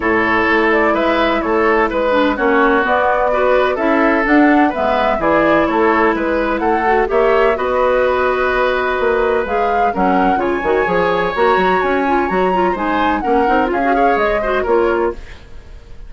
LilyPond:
<<
  \new Staff \with { instrumentName = "flute" } { \time 4/4 \tempo 4 = 127 cis''4. d''8 e''4 cis''4 | b'4 cis''4 d''2 | e''4 fis''4 e''4 d''4 | cis''4 b'4 fis''4 e''4 |
dis''1 | f''4 fis''4 gis''2 | ais''4 gis''4 ais''4 gis''4 | fis''4 f''4 dis''4 cis''4 | }
  \new Staff \with { instrumentName = "oboe" } { \time 4/4 a'2 b'4 a'4 | b'4 fis'2 b'4 | a'2 b'4 gis'4 | a'4 b'4 a'4 cis''4 |
b'1~ | b'4 ais'4 cis''2~ | cis''2. c''4 | ais'4 gis'8 cis''4 c''8 ais'4 | }
  \new Staff \with { instrumentName = "clarinet" } { \time 4/4 e'1~ | e'8 d'8 cis'4 b4 fis'4 | e'4 d'4 b4 e'4~ | e'2~ e'8 fis'8 g'4 |
fis'1 | gis'4 cis'4 f'8 fis'8 gis'4 | fis'4. f'8 fis'8 f'8 dis'4 | cis'8 dis'8 f'16 fis'16 gis'4 fis'8 f'4 | }
  \new Staff \with { instrumentName = "bassoon" } { \time 4/4 a,4 a4 gis4 a4 | gis4 ais4 b2 | cis'4 d'4 gis4 e4 | a4 gis4 a4 ais4 |
b2. ais4 | gis4 fis4 cis8 dis8 f4 | ais8 fis8 cis'4 fis4 gis4 | ais8 c'8 cis'4 gis4 ais4 | }
>>